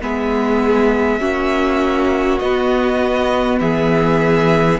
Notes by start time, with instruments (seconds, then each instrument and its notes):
0.00 cello G#3, viola B3, violin G#4 E5
1.19 cello A#3, viola C#4, violin F#4
2.38 cello B3, viola B3, violin D#5
3.60 cello E3, violin G#4 E5